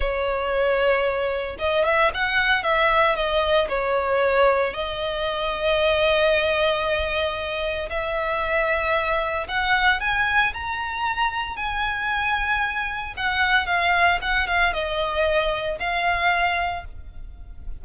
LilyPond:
\new Staff \with { instrumentName = "violin" } { \time 4/4 \tempo 4 = 114 cis''2. dis''8 e''8 | fis''4 e''4 dis''4 cis''4~ | cis''4 dis''2.~ | dis''2. e''4~ |
e''2 fis''4 gis''4 | ais''2 gis''2~ | gis''4 fis''4 f''4 fis''8 f''8 | dis''2 f''2 | }